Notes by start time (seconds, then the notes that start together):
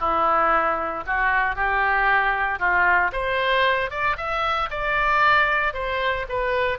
0.00 E4
1.07 F#4
1.56 G4
2.60 F4
3.13 C5
3.91 D5
4.17 E5
4.71 D5
5.74 C5
6.29 B4